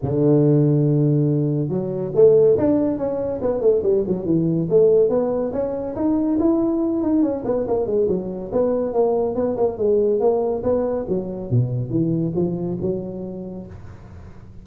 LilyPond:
\new Staff \with { instrumentName = "tuba" } { \time 4/4 \tempo 4 = 141 d1 | fis4 a4 d'4 cis'4 | b8 a8 g8 fis8 e4 a4 | b4 cis'4 dis'4 e'4~ |
e'8 dis'8 cis'8 b8 ais8 gis8 fis4 | b4 ais4 b8 ais8 gis4 | ais4 b4 fis4 b,4 | e4 f4 fis2 | }